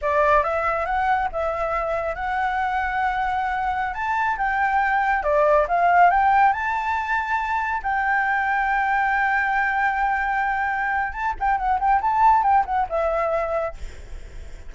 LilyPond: \new Staff \with { instrumentName = "flute" } { \time 4/4 \tempo 4 = 140 d''4 e''4 fis''4 e''4~ | e''4 fis''2.~ | fis''4~ fis''16 a''4 g''4.~ g''16~ | g''16 d''4 f''4 g''4 a''8.~ |
a''2~ a''16 g''4.~ g''16~ | g''1~ | g''2 a''8 g''8 fis''8 g''8 | a''4 g''8 fis''8 e''2 | }